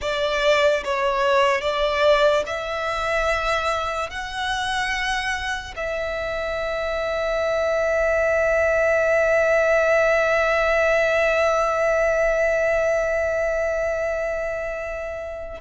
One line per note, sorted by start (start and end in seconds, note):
0.01 0.83 D5
0.84 1.61 C#5
1.61 2.43 D5
2.46 4.10 E5
4.10 5.74 F#5
5.76 15.60 E5